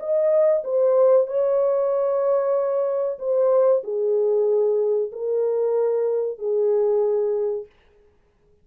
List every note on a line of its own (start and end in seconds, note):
0.00 0.64 D#5
0.64 1.28 C5
1.28 3.19 C#5
3.19 3.83 C5
3.84 5.12 G#4
5.12 6.39 A#4
6.39 7.66 G#4